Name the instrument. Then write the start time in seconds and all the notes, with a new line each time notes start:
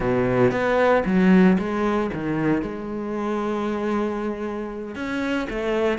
cello
0.00 B2
0.51 B3
1.05 F#3
1.58 G#3
2.13 D#3
2.62 G#3
4.95 C#4
5.49 A3